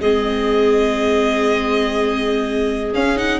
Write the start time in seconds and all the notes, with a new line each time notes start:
0.00 G#3 C4 G#4 D#5
2.93 C#4 F5
3.16 D#4 F#5